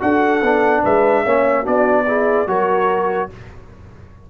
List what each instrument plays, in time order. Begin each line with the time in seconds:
0.00 tuba D4, trombone F#4, horn A4, trumpet F#5
0.42 tuba B3, trombone D4
0.82 tuba G#3, horn B4, trumpet E5
1.24 tuba A#3, trombone C#4, horn C#5
1.62 tuba B3, trombone D4, horn F#4, trumpet D5
2.07 trombone E4, horn G#4
2.47 tuba F#3, trombone F#4, horn A#4, trumpet C#5